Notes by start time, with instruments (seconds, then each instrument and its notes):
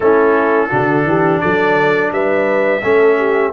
0.00 tuba A3, trombone C#4, horn E4, trumpet A4
0.69 tuba D3, trombone D4, horn F#4
1.05 tuba E3, horn G4
1.40 tuba F#3, horn A4, trumpet D5
2.11 tuba G3, horn B4, trumpet E5
2.82 tuba A3, trombone C#4, horn A4
3.17 horn G4